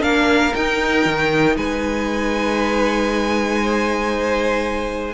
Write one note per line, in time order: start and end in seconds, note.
0.00 0.52 A#3
0.00 0.51 D4
0.00 1.56 A#4
0.00 0.54 F5
0.54 5.13 D#4
0.54 1.05 D#4
0.54 1.56 G5
1.05 1.56 D#3
1.56 5.13 G#3
1.56 3.62 B4
1.56 5.13 G#5
3.62 5.13 C5